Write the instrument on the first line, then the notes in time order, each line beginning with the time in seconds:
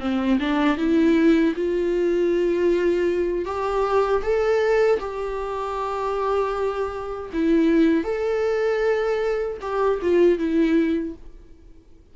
viola
0.00 C4
0.40 D4
0.77 E4
1.56 F4
3.45 G4
4.22 A4
5.00 G4
7.33 E4
8.04 A4
9.61 G4
10.02 F4
10.38 E4